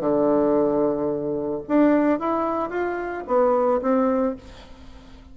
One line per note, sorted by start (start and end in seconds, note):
0.00 1.62 D3
1.68 2.19 D4
2.19 2.70 E4
2.70 3.24 F4
3.27 3.81 B3
3.82 4.36 C4